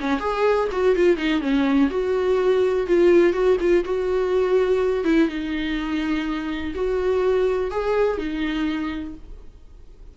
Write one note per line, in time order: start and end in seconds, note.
0.00 0.20 C#4
0.20 0.68 G#4
0.72 0.96 F#4
0.96 1.17 F4
1.17 1.41 D#4
1.41 1.89 C#4
1.90 2.87 F#4
2.87 3.33 F4
3.33 3.57 F#4
3.60 3.84 F4
3.85 5.04 F#4
5.04 5.28 E4
5.29 6.74 D#4
6.75 7.71 F#4
7.71 8.18 G#4
8.18 9.15 D#4